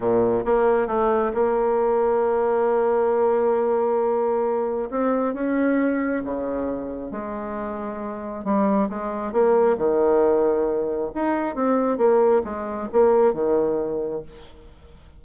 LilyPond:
\new Staff \with { instrumentName = "bassoon" } { \time 4/4 \tempo 4 = 135 ais,4 ais4 a4 ais4~ | ais1~ | ais2. c'4 | cis'2 cis2 |
gis2. g4 | gis4 ais4 dis2~ | dis4 dis'4 c'4 ais4 | gis4 ais4 dis2 | }